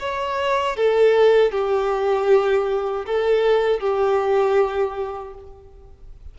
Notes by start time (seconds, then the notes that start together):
0.00 C#5
0.77 A4
1.52 G4
3.07 A4
3.80 G4